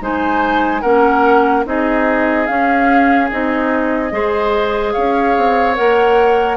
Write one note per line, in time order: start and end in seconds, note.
0.00 0.83 G#3
0.00 0.82 D#4
0.00 0.81 C5
0.00 0.81 G#5
0.81 1.65 A#3
0.81 1.65 C#4
0.81 1.64 A#4
0.81 1.64 F#5
1.65 2.47 C4
1.65 2.48 D#4
1.65 4.13 G#4
1.65 2.46 D#5
2.46 3.30 C#4
2.46 3.31 C#4
2.46 3.28 F5
3.30 4.12 C4
3.30 4.11 D#4
3.30 4.92 D#5
4.11 4.94 G#3
4.11 5.75 G#4
4.11 4.93 C5
4.92 5.37 C#4
4.92 6.56 C#5
4.92 5.74 F5
5.37 5.78 C4
5.75 6.56 A#3
5.75 6.56 A#4
5.75 6.56 F#5